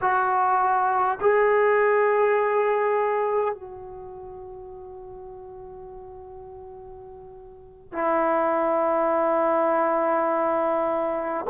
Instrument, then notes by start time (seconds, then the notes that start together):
trombone
0.01 F#4
1.21 G#4
3.54 F#4
7.92 E4